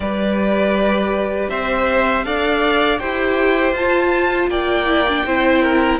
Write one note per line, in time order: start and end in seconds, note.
0.00 1.48 G3
0.00 2.24 G4
0.00 1.50 B4
0.00 1.49 D5
1.49 2.25 C4
1.49 2.25 C5
1.49 2.24 E5
2.24 3.00 D4
2.24 2.99 A4
2.24 2.99 D5
2.24 2.98 F5
2.98 3.72 E4
2.98 3.76 G4
2.98 4.49 C5
2.98 3.73 G5
3.72 4.47 F4
3.72 4.86 F4
3.72 4.49 A5
4.47 5.22 A#3
4.47 5.25 D5
4.47 5.99 G5
4.86 5.05 E4
5.08 5.26 D4
5.26 5.99 C4
5.26 5.99 E4
5.26 5.62 C5
5.62 5.99 A#4